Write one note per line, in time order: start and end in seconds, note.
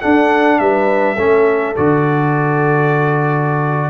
0.00 1.16 D4
0.00 0.60 D4
0.00 0.58 A4
0.00 0.59 F#5
0.59 1.17 G3
0.59 1.15 B4
0.59 1.74 E5
1.15 1.75 A3
1.15 1.76 C#4
1.15 3.89 A4
1.76 3.90 D3
1.76 3.90 F#4
1.76 3.90 D5